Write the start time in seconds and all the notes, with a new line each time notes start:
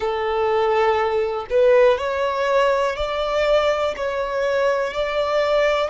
0.00 A4
1.50 B4
1.98 C#5
2.96 D5
3.96 C#5
4.93 D5